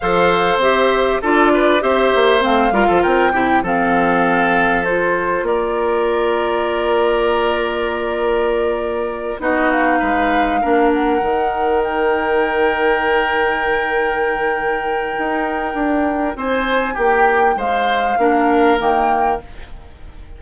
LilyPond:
<<
  \new Staff \with { instrumentName = "flute" } { \time 4/4 \tempo 4 = 99 f''4 e''4 d''4 e''4 | f''4 g''4 f''2 | c''4 d''2.~ | d''2.~ d''8 dis''8 |
f''2 fis''4. g''8~ | g''1~ | g''2. gis''4 | g''4 f''2 g''4 | }
  \new Staff \with { instrumentName = "oboe" } { \time 4/4 c''2 a'8 b'8 c''4~ | c''8 ais'16 a'16 ais'8 g'8 a'2~ | a'4 ais'2.~ | ais'2.~ ais'8 fis'8~ |
fis'8 b'4 ais'2~ ais'8~ | ais'1~ | ais'2. c''4 | g'4 c''4 ais'2 | }
  \new Staff \with { instrumentName = "clarinet" } { \time 4/4 a'4 g'4 f'4 g'4 | c'8 f'4 e'8 c'2 | f'1~ | f'2.~ f'8 dis'8~ |
dis'4. d'4 dis'4.~ | dis'1~ | dis'1~ | dis'2 d'4 ais4 | }
  \new Staff \with { instrumentName = "bassoon" } { \time 4/4 f4 c'4 d'4 c'8 ais8 | a8 g16 f16 c'8 c8 f2~ | f4 ais2.~ | ais2.~ ais8 b8~ |
b8 gis4 ais4 dis4.~ | dis1~ | dis4 dis'4 d'4 c'4 | ais4 gis4 ais4 dis4 | }
>>